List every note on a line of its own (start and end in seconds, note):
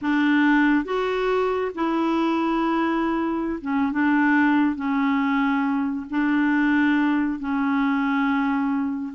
0.01 0.84 D4
0.84 1.71 F#4
1.75 3.59 E4
3.61 3.92 C#4
3.92 4.75 D4
4.75 6.06 C#4
6.10 7.39 D4
7.39 9.13 C#4